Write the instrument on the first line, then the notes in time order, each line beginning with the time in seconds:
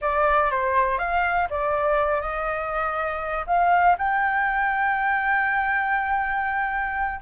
flute
0.01 D5
0.50 C5
0.98 F5
1.50 D5
2.21 D#5
3.46 F5
3.98 G5